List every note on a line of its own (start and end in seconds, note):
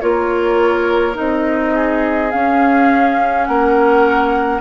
0.00 1.17 A#3
0.00 1.13 F4
0.00 1.75 A#4
0.00 1.15 C#5
1.13 2.33 C4
1.13 2.29 D#4
1.13 2.31 D#5
1.75 3.48 G#4
2.31 4.61 C#4
2.31 3.48 C#4
2.31 3.45 F5
3.45 4.61 A#3
3.45 4.61 A#4
3.45 4.60 F#5